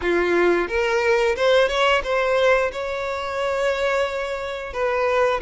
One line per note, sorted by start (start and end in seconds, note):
0.01 0.68 F4
0.68 1.35 A#4
1.35 1.68 C5
1.68 2.02 C#5
2.03 2.71 C5
2.72 4.73 C#5
4.73 5.40 B4